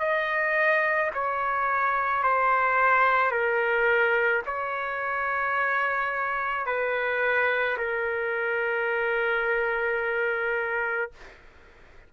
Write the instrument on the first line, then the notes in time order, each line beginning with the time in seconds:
trumpet
0.00 D#5
1.14 C#5
2.23 C5
3.31 A#4
4.46 C#5
6.66 B4
7.78 A#4